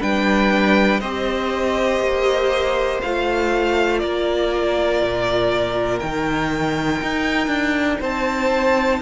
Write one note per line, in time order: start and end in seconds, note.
0.00 1.01 G3
0.00 1.01 D4
0.00 1.00 B4
0.00 1.00 G5
1.00 1.99 C4
1.00 3.03 G4
1.00 4.00 C5
1.00 3.00 D#5
1.99 2.99 A#3
3.02 4.03 A3
3.02 6.02 F4
3.02 3.99 F5
3.99 5.01 A#3
3.99 7.99 A#4
3.99 5.99 D5
5.01 6.01 A#2
5.99 7.01 D#3
5.99 9.02 D#4
5.99 7.99 G5
7.02 7.47 D#4
7.47 7.97 D4
7.99 9.01 C4
7.99 8.99 C5
7.99 9.02 A5